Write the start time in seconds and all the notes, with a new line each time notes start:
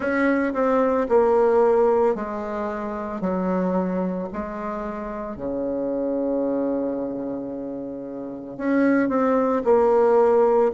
0.00 C#4
0.53 C4
1.09 A#3
2.15 G#3
3.20 F#3
4.32 G#3
5.36 C#3
8.57 C#4
9.08 C4
9.64 A#3